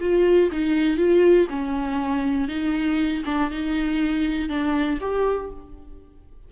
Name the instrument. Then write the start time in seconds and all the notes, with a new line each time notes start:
viola
0.00 F4
0.52 D#4
0.97 F4
1.50 C#4
2.48 D#4
3.25 D4
3.50 D#4
4.49 D4
5.01 G4